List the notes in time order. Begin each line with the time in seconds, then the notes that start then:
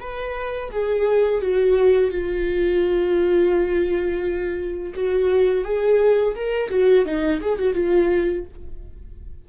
0.00 B4
0.71 G#4
1.41 F#4
2.10 F4
4.94 F#4
5.64 G#4
6.35 A#4
6.70 F#4
7.05 D#4
7.41 G#4
7.58 F#4
7.74 F4